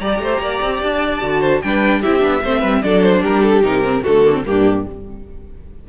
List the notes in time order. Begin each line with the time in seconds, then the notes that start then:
0.00 G3 G4 D5 A#5
0.19 A3 C5
0.40 A#3 D5
0.62 C4
0.83 D4 A5
1.21 D3 F#4
1.41 C5
1.62 G3 D4 B4 G5
2.02 C4 E4 G4 E5
2.20 B3 D4
2.44 A3 C4 C5
2.60 G3 B4
2.83 F#3 D4 A4 D5
3.03 C5
3.22 G3 G4 A#4
3.43 A4
3.63 C3 D#4 A#4
3.83 C4
4.02 D3 A3 F#4 A4
4.26 A#3
4.34 C4
4.45 G2 A#3 D4 G4